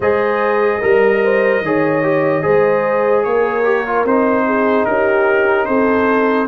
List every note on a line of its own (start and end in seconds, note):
0.00 0.80 G#3
0.00 0.82 G#4
0.00 0.79 C5
0.00 3.23 D#5
0.79 1.61 G3
0.79 1.20 A#4
0.79 1.63 A#4
1.23 1.64 C5
1.61 2.42 D#3
1.61 2.02 G#4
1.61 2.43 C#5
2.02 2.42 G4
2.42 3.25 G#3
2.42 3.63 G#4
2.42 3.24 C5
3.23 4.04 A#3
3.23 4.46 A#4
3.23 4.04 C#5
3.63 3.84 G4
3.86 4.06 F4
4.04 4.85 C4
4.04 6.48 D#4
4.04 4.85 C5
4.46 4.86 G#4
4.85 5.68 C#4
4.85 5.67 G4
4.85 5.65 A#4
5.65 6.48 C4
5.65 6.48 A4
5.65 6.46 C5